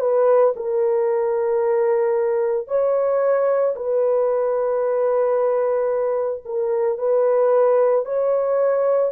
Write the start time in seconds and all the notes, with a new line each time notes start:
0.00 B4
0.56 A#4
2.68 C#5
3.76 B4
6.45 A#4
6.98 B4
8.05 C#5